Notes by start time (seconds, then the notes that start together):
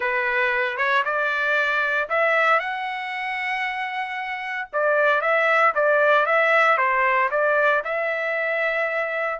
0.00 B4
0.77 C#5
1.04 D5
2.09 E5
2.59 F#5
4.72 D5
5.21 E5
5.74 D5
6.25 E5
6.77 C5
7.30 D5
7.84 E5